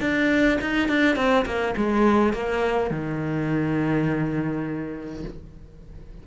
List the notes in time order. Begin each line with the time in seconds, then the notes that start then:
0.00 D4
0.61 D#4
0.88 D4
1.16 C4
1.45 A#3
1.76 G#3
2.33 A#3
2.90 D#3